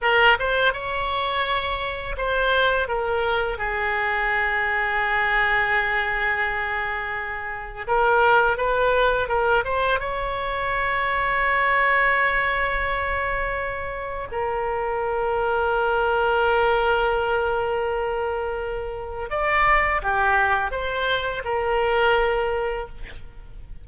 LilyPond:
\new Staff \with { instrumentName = "oboe" } { \time 4/4 \tempo 4 = 84 ais'8 c''8 cis''2 c''4 | ais'4 gis'2.~ | gis'2. ais'4 | b'4 ais'8 c''8 cis''2~ |
cis''1 | ais'1~ | ais'2. d''4 | g'4 c''4 ais'2 | }